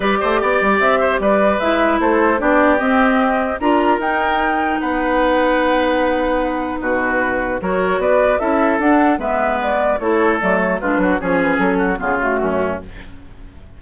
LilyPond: <<
  \new Staff \with { instrumentName = "flute" } { \time 4/4 \tempo 4 = 150 d''2 e''4 d''4 | e''4 c''4 d''4 dis''4~ | dis''4 ais''4 g''2 | fis''1~ |
fis''4 b'2 cis''4 | d''4 e''4 fis''4 e''4 | d''4 cis''4 d''8 cis''8 b'4 | cis''8 b'8 a'4 gis'8 fis'4. | }
  \new Staff \with { instrumentName = "oboe" } { \time 4/4 b'8 c''8 d''4. c''8 b'4~ | b'4 a'4 g'2~ | g'4 ais'2. | b'1~ |
b'4 fis'2 ais'4 | b'4 a'2 b'4~ | b'4 a'2 f'8 fis'8 | gis'4. fis'8 f'4 cis'4 | }
  \new Staff \with { instrumentName = "clarinet" } { \time 4/4 g'1 | e'2 d'4 c'4~ | c'4 f'4 dis'2~ | dis'1~ |
dis'2. fis'4~ | fis'4 e'4 d'4 b4~ | b4 e'4 a4 d'4 | cis'2 b8 a4. | }
  \new Staff \with { instrumentName = "bassoon" } { \time 4/4 g8 a8 b8 g8 c'4 g4 | gis4 a4 b4 c'4~ | c'4 d'4 dis'2 | b1~ |
b4 b,2 fis4 | b4 cis'4 d'4 gis4~ | gis4 a4 fis4 gis8 fis8 | f4 fis4 cis4 fis,4 | }
>>